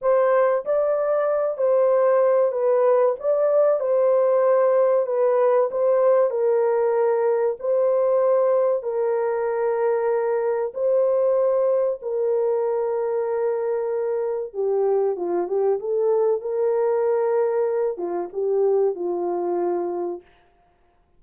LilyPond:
\new Staff \with { instrumentName = "horn" } { \time 4/4 \tempo 4 = 95 c''4 d''4. c''4. | b'4 d''4 c''2 | b'4 c''4 ais'2 | c''2 ais'2~ |
ais'4 c''2 ais'4~ | ais'2. g'4 | f'8 g'8 a'4 ais'2~ | ais'8 f'8 g'4 f'2 | }